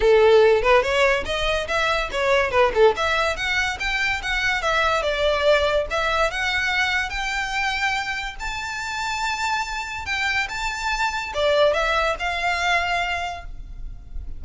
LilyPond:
\new Staff \with { instrumentName = "violin" } { \time 4/4 \tempo 4 = 143 a'4. b'8 cis''4 dis''4 | e''4 cis''4 b'8 a'8 e''4 | fis''4 g''4 fis''4 e''4 | d''2 e''4 fis''4~ |
fis''4 g''2. | a''1 | g''4 a''2 d''4 | e''4 f''2. | }